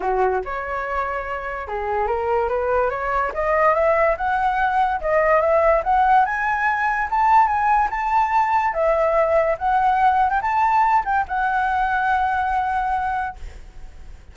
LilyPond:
\new Staff \with { instrumentName = "flute" } { \time 4/4 \tempo 4 = 144 fis'4 cis''2. | gis'4 ais'4 b'4 cis''4 | dis''4 e''4 fis''2 | dis''4 e''4 fis''4 gis''4~ |
gis''4 a''4 gis''4 a''4~ | a''4 e''2 fis''4~ | fis''8. g''16 a''4. g''8 fis''4~ | fis''1 | }